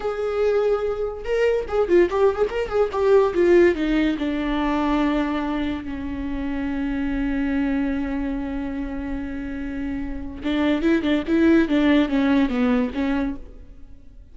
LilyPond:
\new Staff \with { instrumentName = "viola" } { \time 4/4 \tempo 4 = 144 gis'2. ais'4 | gis'8 f'8 g'8. gis'16 ais'8 gis'8 g'4 | f'4 dis'4 d'2~ | d'2 cis'2~ |
cis'1~ | cis'1~ | cis'4 d'4 e'8 d'8 e'4 | d'4 cis'4 b4 cis'4 | }